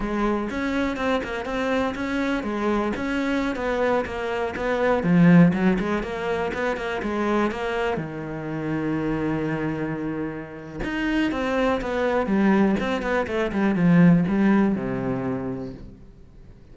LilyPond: \new Staff \with { instrumentName = "cello" } { \time 4/4 \tempo 4 = 122 gis4 cis'4 c'8 ais8 c'4 | cis'4 gis4 cis'4~ cis'16 b8.~ | b16 ais4 b4 f4 fis8 gis16~ | gis16 ais4 b8 ais8 gis4 ais8.~ |
ais16 dis2.~ dis8.~ | dis2 dis'4 c'4 | b4 g4 c'8 b8 a8 g8 | f4 g4 c2 | }